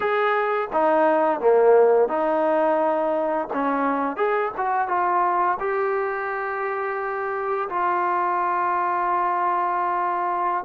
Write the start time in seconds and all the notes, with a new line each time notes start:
0.00 G#4
0.73 D#4
1.40 A#3
2.08 D#4
3.53 C#4
4.16 G#4
4.57 F#4
4.88 F4
5.59 G4
7.69 F4